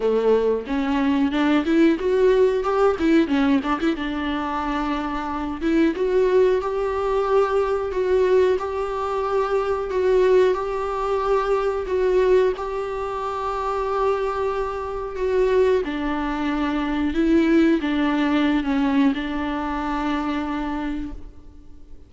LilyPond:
\new Staff \with { instrumentName = "viola" } { \time 4/4 \tempo 4 = 91 a4 cis'4 d'8 e'8 fis'4 | g'8 e'8 cis'8 d'16 e'16 d'2~ | d'8 e'8 fis'4 g'2 | fis'4 g'2 fis'4 |
g'2 fis'4 g'4~ | g'2. fis'4 | d'2 e'4 d'4~ | d'16 cis'8. d'2. | }